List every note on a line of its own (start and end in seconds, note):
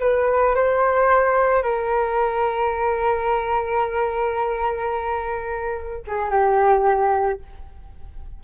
0.00 0.55 B4
0.55 1.63 C5
1.63 6.03 A#4
6.07 6.30 G#4
6.30 7.40 G4